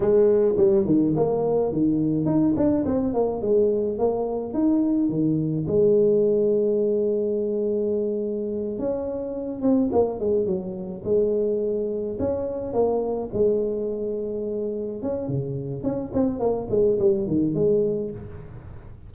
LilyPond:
\new Staff \with { instrumentName = "tuba" } { \time 4/4 \tempo 4 = 106 gis4 g8 dis8 ais4 dis4 | dis'8 d'8 c'8 ais8 gis4 ais4 | dis'4 dis4 gis2~ | gis2.~ gis8 cis'8~ |
cis'4 c'8 ais8 gis8 fis4 gis8~ | gis4. cis'4 ais4 gis8~ | gis2~ gis8 cis'8 cis4 | cis'8 c'8 ais8 gis8 g8 dis8 gis4 | }